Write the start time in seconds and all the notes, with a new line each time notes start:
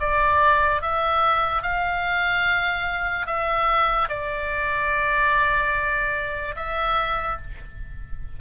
0.00 D5
0.82 E5
1.63 F5
3.27 E5
4.09 D5
6.56 E5